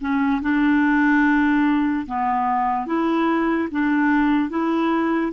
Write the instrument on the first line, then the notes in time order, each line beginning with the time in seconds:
clarinet
0.00 C#4
0.41 D4
2.06 B3
2.86 E4
3.71 D4
4.49 E4